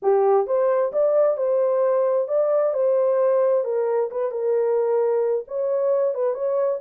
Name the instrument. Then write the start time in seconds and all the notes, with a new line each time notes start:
horn
0.02 G4
0.46 C5
0.92 D5
1.37 C5
2.27 D5
2.73 C5
3.64 A#4
4.10 B4
4.31 A#4
5.47 C#5
6.14 B4
6.33 C#5